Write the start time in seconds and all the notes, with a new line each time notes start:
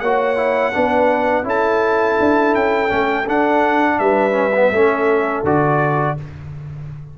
0.00 A#3 F#4 C#5 F#5
0.36 E4
0.73 B3 D4 B4
1.44 C#4 E4 A4 A5
2.20 D4
2.55 C#4 G5
2.89 A3 C#4
3.27 D4 F#5
3.99 G3 B4 E5
4.32 C#4
4.55 B3
4.71 A3 C#4 A4
5.44 D3 F#4 D5